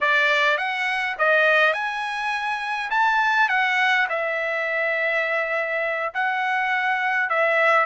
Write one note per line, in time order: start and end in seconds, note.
0.00 0.57 D5
0.57 1.15 F#5
1.18 1.73 D#5
1.73 2.89 G#5
2.90 3.48 A5
3.48 4.07 F#5
4.09 6.13 E5
6.14 7.29 F#5
7.29 7.85 E5